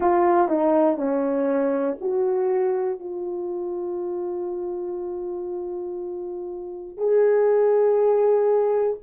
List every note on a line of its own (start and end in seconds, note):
0.00 0.48 F4
0.48 0.97 D#4
0.97 1.97 C#4
2.00 2.99 F#4
2.99 6.97 F4
6.97 8.97 G#4